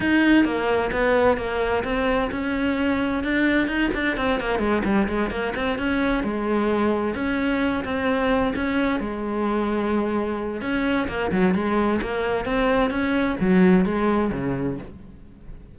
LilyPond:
\new Staff \with { instrumentName = "cello" } { \time 4/4 \tempo 4 = 130 dis'4 ais4 b4 ais4 | c'4 cis'2 d'4 | dis'8 d'8 c'8 ais8 gis8 g8 gis8 ais8 | c'8 cis'4 gis2 cis'8~ |
cis'4 c'4. cis'4 gis8~ | gis2. cis'4 | ais8 fis8 gis4 ais4 c'4 | cis'4 fis4 gis4 cis4 | }